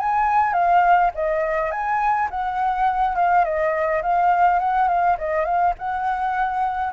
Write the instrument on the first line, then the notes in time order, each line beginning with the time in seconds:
flute
0.00 G#5
0.53 F5
1.15 D#5
1.72 G#5
2.31 F#5
3.16 F5
3.45 D#5
4.03 F5
4.59 F#5
4.89 F5
5.18 D#5
5.45 F5
5.79 F#5